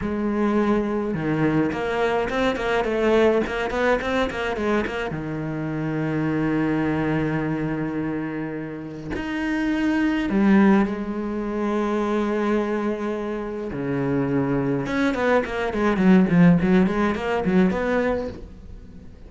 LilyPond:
\new Staff \with { instrumentName = "cello" } { \time 4/4 \tempo 4 = 105 gis2 dis4 ais4 | c'8 ais8 a4 ais8 b8 c'8 ais8 | gis8 ais8 dis2.~ | dis1 |
dis'2 g4 gis4~ | gis1 | cis2 cis'8 b8 ais8 gis8 | fis8 f8 fis8 gis8 ais8 fis8 b4 | }